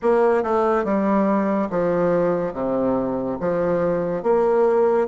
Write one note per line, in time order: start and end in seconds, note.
0.02 0.43 A#3
0.43 0.84 A3
0.84 1.68 G3
1.69 2.53 F3
2.53 3.37 C3
3.40 4.23 F3
4.23 5.07 A#3